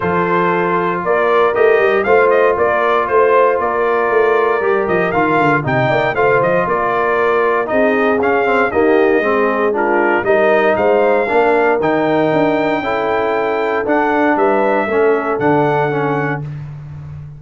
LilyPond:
<<
  \new Staff \with { instrumentName = "trumpet" } { \time 4/4 \tempo 4 = 117 c''2 d''4 dis''4 | f''8 dis''8 d''4 c''4 d''4~ | d''4. dis''8 f''4 g''4 | f''8 dis''8 d''2 dis''4 |
f''4 dis''2 ais'4 | dis''4 f''2 g''4~ | g''2. fis''4 | e''2 fis''2 | }
  \new Staff \with { instrumentName = "horn" } { \time 4/4 a'2 ais'2 | c''4 ais'4 c''4 ais'4~ | ais'2. dis''8 d''8 | c''4 ais'2 gis'4~ |
gis'4 g'4 gis'4 f'4 | ais'4 c''4 ais'2~ | ais'4 a'2. | b'4 a'2. | }
  \new Staff \with { instrumentName = "trombone" } { \time 4/4 f'2. g'4 | f'1~ | f'4 g'4 f'4 dis'4 | f'2. dis'4 |
cis'8 c'8 ais4 c'4 d'4 | dis'2 d'4 dis'4~ | dis'4 e'2 d'4~ | d'4 cis'4 d'4 cis'4 | }
  \new Staff \with { instrumentName = "tuba" } { \time 4/4 f2 ais4 a8 g8 | a4 ais4 a4 ais4 | a4 g8 f8 dis8 d8 c8 ais8 | a8 f8 ais2 c'4 |
cis'4 dis'4 gis2 | g4 gis4 ais4 dis4 | d'4 cis'2 d'4 | g4 a4 d2 | }
>>